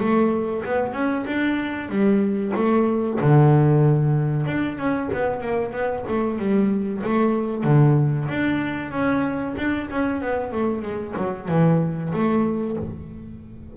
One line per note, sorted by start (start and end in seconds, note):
0.00 0.64 A3
0.65 0.93 B3
0.93 1.25 C#4
1.26 1.89 D4
1.89 2.53 G3
2.56 3.20 A3
3.21 4.47 D3
4.47 4.78 D4
4.78 5.10 C#4
5.14 5.41 B3
5.41 5.73 A#3
5.73 6.05 B3
6.09 6.39 A3
6.39 7.03 G3
7.04 7.64 A3
7.64 8.28 D3
8.29 8.91 D4
8.91 9.55 C#4
9.58 9.90 D4
9.91 10.22 C#4
10.22 10.52 B3
10.52 10.82 A3
10.82 11.14 G#3
11.17 11.49 F#3
11.49 12.12 E3
12.13 12.77 A3